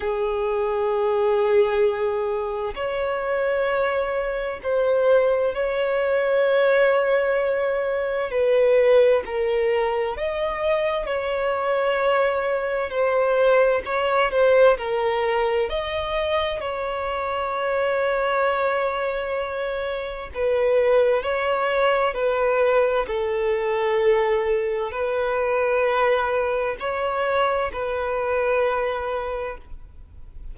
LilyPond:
\new Staff \with { instrumentName = "violin" } { \time 4/4 \tempo 4 = 65 gis'2. cis''4~ | cis''4 c''4 cis''2~ | cis''4 b'4 ais'4 dis''4 | cis''2 c''4 cis''8 c''8 |
ais'4 dis''4 cis''2~ | cis''2 b'4 cis''4 | b'4 a'2 b'4~ | b'4 cis''4 b'2 | }